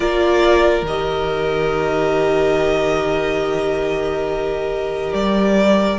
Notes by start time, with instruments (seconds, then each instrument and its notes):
0.00 cello A#3, viola F4, violin A#4 D5
0.82 cello D#3, viola G4, violin D#5
5.13 cello G3, violin D5